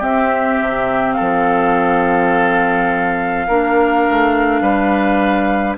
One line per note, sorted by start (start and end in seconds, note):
0.00 3.48 C4
0.00 0.60 C4
0.00 1.15 G4
0.00 1.13 E5
0.61 1.19 C3
1.13 3.48 A4
1.13 5.74 F5
1.20 3.49 F3
3.48 4.07 A#3
3.48 5.79 D4
3.48 4.62 A#4
4.10 4.62 A3
4.62 5.77 G3
4.62 5.78 B4